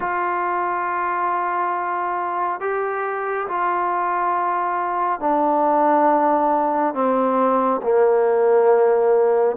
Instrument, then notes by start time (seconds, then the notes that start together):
trombone
0.00 F4
2.60 G4
3.48 F4
5.20 D4
6.94 C4
7.82 A#3